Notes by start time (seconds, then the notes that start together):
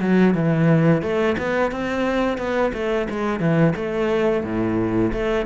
0.00 F#3
0.34 E3
1.02 A3
1.37 B3
1.71 C4
2.37 B3
2.73 A3
3.09 G#3
3.39 E3
3.76 A3
4.43 A2
5.12 A3